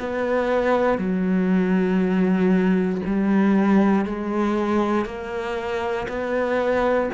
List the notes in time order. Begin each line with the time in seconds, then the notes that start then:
0.00 B3
0.98 F#3
3.06 G3
4.06 G#3
5.06 A#3
6.08 B3